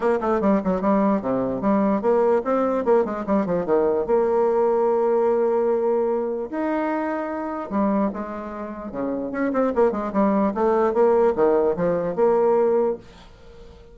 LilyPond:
\new Staff \with { instrumentName = "bassoon" } { \time 4/4 \tempo 4 = 148 ais8 a8 g8 fis8 g4 c4 | g4 ais4 c'4 ais8 gis8 | g8 f8 dis4 ais2~ | ais1 |
dis'2. g4 | gis2 cis4 cis'8 c'8 | ais8 gis8 g4 a4 ais4 | dis4 f4 ais2 | }